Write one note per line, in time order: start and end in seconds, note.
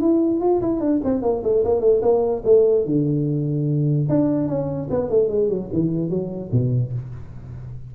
0.00 0.40 E4
0.40 0.61 F4
0.61 0.80 E4
0.80 1.00 D4
1.04 1.22 C4
1.22 1.42 A#3
1.43 1.63 A3
1.64 1.80 A#3
1.80 2.01 A3
2.01 2.42 A#3
2.44 2.85 A3
2.85 4.08 D3
4.09 4.47 D4
4.47 4.88 C#4
4.90 5.09 B3
5.09 5.28 A3
5.28 5.48 G#3
5.49 5.69 F#3
5.72 6.09 E3
6.09 6.50 F#3
6.51 6.92 B2